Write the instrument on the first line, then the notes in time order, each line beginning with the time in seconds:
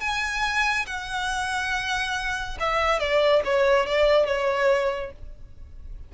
violin
0.00 G#5
0.86 F#5
2.60 E5
3.00 D5
3.44 C#5
3.86 D5
4.27 C#5